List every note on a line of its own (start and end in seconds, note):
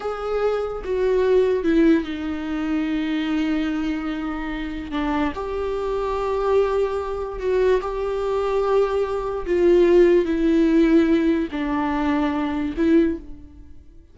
0.00 0.82 G#4
0.84 1.63 F#4
1.63 2.04 E4
2.04 4.91 D#4
4.91 5.32 D4
5.35 7.39 G4
7.39 7.80 F#4
7.81 9.45 G4
9.45 10.25 F4
10.25 11.48 E4
11.51 12.74 D4
12.76 13.17 E4